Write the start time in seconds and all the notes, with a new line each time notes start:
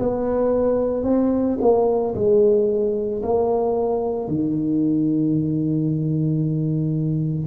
0.00 B3
1.04 C4
1.61 A#3
2.15 G#3
3.23 A#3
4.29 D#3